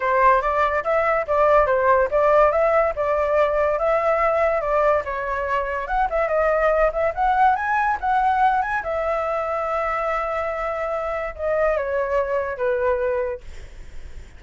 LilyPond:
\new Staff \with { instrumentName = "flute" } { \time 4/4 \tempo 4 = 143 c''4 d''4 e''4 d''4 | c''4 d''4 e''4 d''4~ | d''4 e''2 d''4 | cis''2 fis''8 e''8 dis''4~ |
dis''8 e''8 fis''4 gis''4 fis''4~ | fis''8 gis''8 e''2.~ | e''2. dis''4 | cis''2 b'2 | }